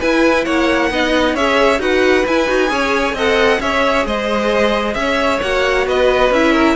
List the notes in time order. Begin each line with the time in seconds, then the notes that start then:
0.00 E4 B4 G#5
0.45 A#3 C#5 F#5
0.91 B3 D#4 D#5
1.35 C#4 G#4 C#5 E5
1.79 D#4 F#4 B4 F#5
2.27 E4 G#5
2.47 D#4 F#4
2.68 C#4 G#4 C#5
3.14 C4 A4 D#5 F#5
3.60 C#4 G#4 C#5 E5
4.06 G#3 C5 D#5
4.94 C#4 C#5 E5
5.42 A#3 F#4 F#5
5.87 B3 B4 D#5
6.31 C#4 E4 E5
6.53 A#4